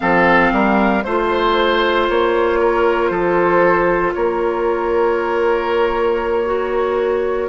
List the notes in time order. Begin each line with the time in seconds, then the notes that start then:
0.00 F3 C4 A4 F5
0.52 G3 A#4
1.03 A3 F4 C5
2.09 A#3 C#5
2.59 A#4
3.08 F3 A4 C5
4.14 A#3 A#4 C#5
6.45 F#4